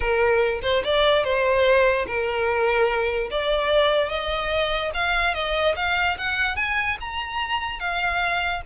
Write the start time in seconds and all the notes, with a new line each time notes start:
0.00 A#4
0.62 C5
0.83 D5
1.23 C5
2.06 A#4
3.30 D5
4.09 D#5
4.94 F5
5.34 D#5
5.76 F5
6.18 F#5
6.55 G#5
7.00 A#5
7.79 F5